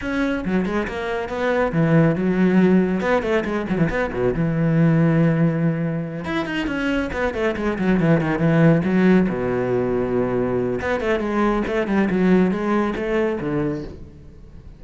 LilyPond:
\new Staff \with { instrumentName = "cello" } { \time 4/4 \tempo 4 = 139 cis'4 fis8 gis8 ais4 b4 | e4 fis2 b8 a8 | gis8 fis16 e16 b8 b,8 e2~ | e2~ e8 e'8 dis'8 cis'8~ |
cis'8 b8 a8 gis8 fis8 e8 dis8 e8~ | e8 fis4 b,2~ b,8~ | b,4 b8 a8 gis4 a8 g8 | fis4 gis4 a4 d4 | }